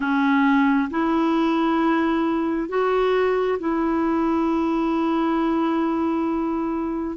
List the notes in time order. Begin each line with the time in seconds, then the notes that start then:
0.00 C#4
0.90 E4
2.69 F#4
3.59 E4